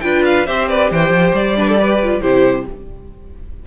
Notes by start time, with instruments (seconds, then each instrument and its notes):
0.00 cello D4, viola F4, violin B4 G5
0.24 violin F5
0.46 cello C4, viola G4, violin C5 E5
0.69 violin B4 D5
0.91 cello E3, violin C5 G5
1.09 cello F3
1.33 cello G3, violin D5
1.56 viola D4, violin B4
1.68 violin A4
1.78 viola G4, violin B4
2.03 viola F4
2.21 cello C3, viola E4, violin G4 C5